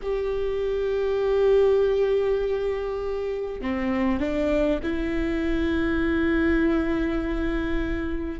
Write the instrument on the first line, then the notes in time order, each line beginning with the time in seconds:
viola
0.02 G4
3.61 C4
4.19 D4
4.82 E4